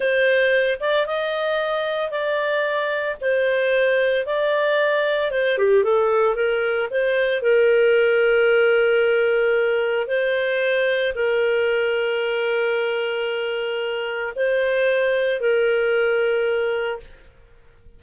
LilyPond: \new Staff \with { instrumentName = "clarinet" } { \time 4/4 \tempo 4 = 113 c''4. d''8 dis''2 | d''2 c''2 | d''2 c''8 g'8 a'4 | ais'4 c''4 ais'2~ |
ais'2. c''4~ | c''4 ais'2.~ | ais'2. c''4~ | c''4 ais'2. | }